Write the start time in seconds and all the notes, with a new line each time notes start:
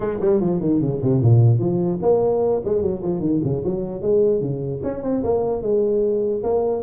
0.00 G#3
0.20 G3
0.40 F3
0.60 D#3
0.81 C#3
1.02 C3
1.21 A#2
1.59 F3
2.02 A#3
2.64 G#3
2.82 F#3
3.02 F3
3.20 D#3
3.43 C#3
3.64 F#3
4.01 G#3
4.40 C#3
4.83 C#4
5.02 C4
5.23 A#3
5.62 G#3
6.43 A#3